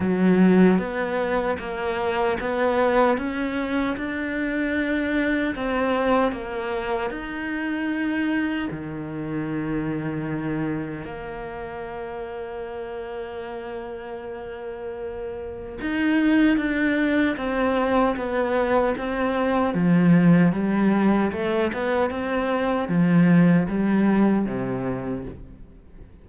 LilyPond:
\new Staff \with { instrumentName = "cello" } { \time 4/4 \tempo 4 = 76 fis4 b4 ais4 b4 | cis'4 d'2 c'4 | ais4 dis'2 dis4~ | dis2 ais2~ |
ais1 | dis'4 d'4 c'4 b4 | c'4 f4 g4 a8 b8 | c'4 f4 g4 c4 | }